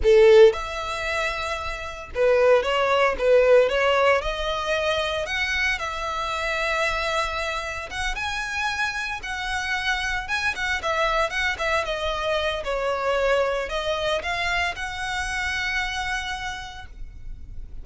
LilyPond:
\new Staff \with { instrumentName = "violin" } { \time 4/4 \tempo 4 = 114 a'4 e''2. | b'4 cis''4 b'4 cis''4 | dis''2 fis''4 e''4~ | e''2. fis''8 gis''8~ |
gis''4. fis''2 gis''8 | fis''8 e''4 fis''8 e''8 dis''4. | cis''2 dis''4 f''4 | fis''1 | }